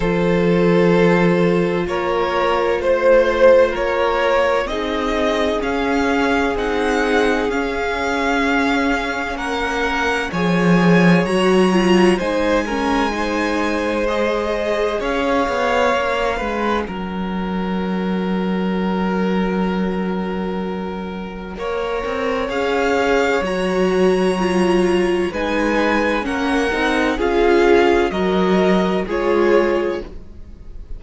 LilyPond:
<<
  \new Staff \with { instrumentName = "violin" } { \time 4/4 \tempo 4 = 64 c''2 cis''4 c''4 | cis''4 dis''4 f''4 fis''4 | f''2 fis''4 gis''4 | ais''4 gis''2 dis''4 |
f''2 fis''2~ | fis''1 | f''4 ais''2 gis''4 | fis''4 f''4 dis''4 cis''4 | }
  \new Staff \with { instrumentName = "violin" } { \time 4/4 a'2 ais'4 c''4 | ais'4 gis'2.~ | gis'2 ais'4 cis''4~ | cis''4 c''8 ais'8 c''2 |
cis''4. b'8 ais'2~ | ais'2. cis''4~ | cis''2. b'4 | ais'4 gis'4 ais'4 gis'4 | }
  \new Staff \with { instrumentName = "viola" } { \time 4/4 f'1~ | f'4 dis'4 cis'4 dis'4 | cis'2. gis'4 | fis'8 f'8 dis'8 cis'8 dis'4 gis'4~ |
gis'4 cis'2.~ | cis'2. ais'4 | gis'4 fis'4 f'4 dis'4 | cis'8 dis'8 f'4 fis'4 f'4 | }
  \new Staff \with { instrumentName = "cello" } { \time 4/4 f2 ais4 a4 | ais4 c'4 cis'4 c'4 | cis'2 ais4 f4 | fis4 gis2. |
cis'8 b8 ais8 gis8 fis2~ | fis2. ais8 c'8 | cis'4 fis2 gis4 | ais8 c'8 cis'4 fis4 gis4 | }
>>